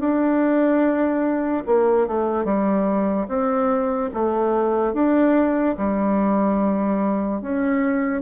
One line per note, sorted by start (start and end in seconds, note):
0.00 1.64 D4
1.67 2.08 A#3
2.08 2.45 A3
2.45 3.27 G3
3.28 4.11 C4
4.14 4.94 A3
4.94 5.76 D4
5.78 7.42 G3
7.42 8.22 C#4